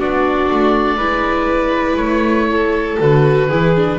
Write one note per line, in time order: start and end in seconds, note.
0.00 0.50 B3
0.00 1.00 D4
0.00 0.97 F#4
0.00 1.97 D5
0.51 0.99 A3
0.97 1.98 G#3
0.97 3.00 E4
0.97 2.47 B4
1.97 2.98 A3
1.97 2.97 C#5
2.51 3.48 A4
3.00 3.50 D3
3.00 3.50 F#4
3.00 4.00 B4
3.48 4.00 E3
3.48 3.76 E4
3.48 3.98 G#4
3.76 4.00 D4